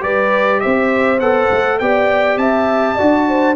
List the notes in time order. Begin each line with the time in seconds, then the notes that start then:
0.00 G3 G4 B4 D5
0.60 C4 C5 E5
1.20 B3 A4 F#5
1.51 A3
1.79 B3 G4 D5 G5
2.37 C4 E5 A5
2.95 D4 F#4 D5
3.27 C5